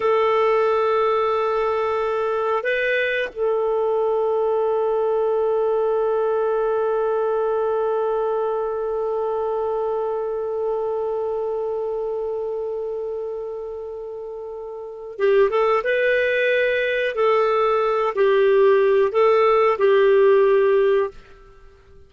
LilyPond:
\new Staff \with { instrumentName = "clarinet" } { \time 4/4 \tempo 4 = 91 a'1 | b'4 a'2.~ | a'1~ | a'1~ |
a'1~ | a'2. g'8 a'8 | b'2 a'4. g'8~ | g'4 a'4 g'2 | }